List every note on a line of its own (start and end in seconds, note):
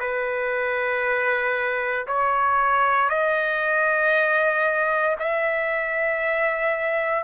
0.00 2.07 B4
2.07 3.09 C#5
3.09 5.16 D#5
5.20 7.24 E5